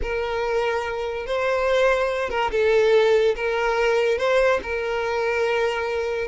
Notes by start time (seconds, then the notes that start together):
0.02 A#4
1.26 C5
2.29 A#4
2.51 A4
3.35 A#4
4.17 C5
4.62 A#4